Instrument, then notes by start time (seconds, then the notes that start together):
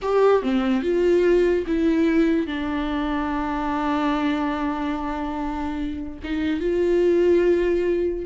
viola
0.02 G4
0.42 C4
0.82 F4
1.66 E4
2.47 D4
6.23 D#4
6.60 F4